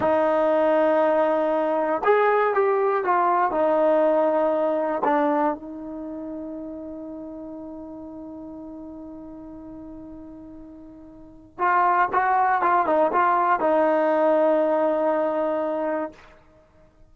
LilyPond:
\new Staff \with { instrumentName = "trombone" } { \time 4/4 \tempo 4 = 119 dis'1 | gis'4 g'4 f'4 dis'4~ | dis'2 d'4 dis'4~ | dis'1~ |
dis'1~ | dis'2. f'4 | fis'4 f'8 dis'8 f'4 dis'4~ | dis'1 | }